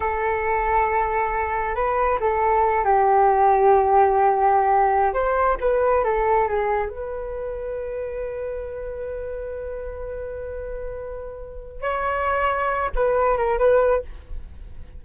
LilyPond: \new Staff \with { instrumentName = "flute" } { \time 4/4 \tempo 4 = 137 a'1 | b'4 a'4. g'4.~ | g'2.~ g'8. c''16~ | c''8. b'4 a'4 gis'4 b'16~ |
b'1~ | b'1~ | b'2. cis''4~ | cis''4. b'4 ais'8 b'4 | }